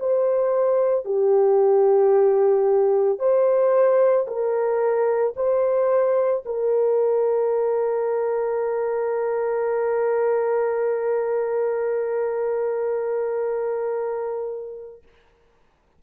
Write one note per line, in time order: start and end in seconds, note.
0.00 1.05 C5
1.05 3.19 G4
3.19 4.26 C5
4.27 5.34 A#4
5.36 6.43 C5
6.46 15.03 A#4